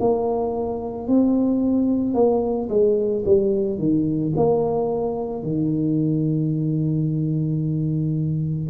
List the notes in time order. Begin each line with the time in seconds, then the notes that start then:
0.00 A#3
1.08 C4
2.14 A#3
2.69 G#3
3.25 G3
3.78 D#3
4.36 A#3
5.43 D#3